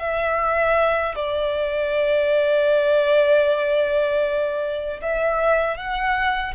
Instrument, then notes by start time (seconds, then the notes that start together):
violin
0.00 E5
1.16 D5
5.02 E5
5.77 F#5